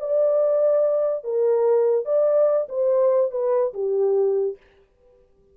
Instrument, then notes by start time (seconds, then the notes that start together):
horn
0.00 D5
1.25 A#4
2.06 D5
2.69 C5
3.32 B4
3.74 G4